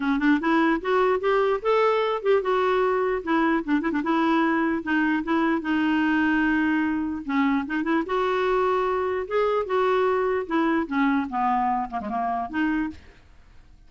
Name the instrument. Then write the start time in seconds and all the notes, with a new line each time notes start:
clarinet
0.00 C#4
0.19 D4
0.40 E4
0.81 F#4
1.20 G4
1.62 A4
2.22 G4
2.42 F#4
3.23 E4
3.64 D4
3.81 E4
3.92 D4
4.03 E4
4.82 D#4
5.23 E4
5.61 D#4
7.25 C#4
7.66 D#4
7.83 E4
8.06 F#4
9.27 G#4
9.66 F#4
10.47 E4
10.87 C#4
11.29 B3
11.90 A#3
12.00 G#3
12.09 A#3
12.49 D#4